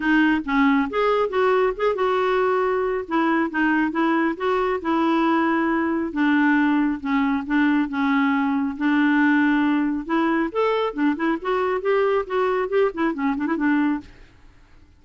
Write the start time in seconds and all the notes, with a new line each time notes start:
0.00 D#4
0.45 C#4
0.89 G#4
1.29 F#4
1.76 G#4
1.95 F#4
3.08 E4
3.50 D#4
3.91 E4
4.36 F#4
4.81 E4
6.12 D4
7.00 C#4
7.46 D4
7.88 C#4
8.77 D4
10.05 E4
10.51 A4
10.93 D4
11.15 E4
11.41 F#4
11.81 G4
12.26 F#4
12.68 G4
12.93 E4
13.13 C#4
13.37 D4
13.47 E4
13.56 D4